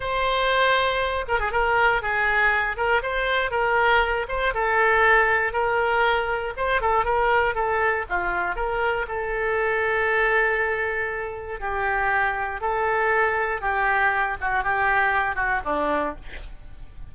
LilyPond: \new Staff \with { instrumentName = "oboe" } { \time 4/4 \tempo 4 = 119 c''2~ c''8 ais'16 gis'16 ais'4 | gis'4. ais'8 c''4 ais'4~ | ais'8 c''8 a'2 ais'4~ | ais'4 c''8 a'8 ais'4 a'4 |
f'4 ais'4 a'2~ | a'2. g'4~ | g'4 a'2 g'4~ | g'8 fis'8 g'4. fis'8 d'4 | }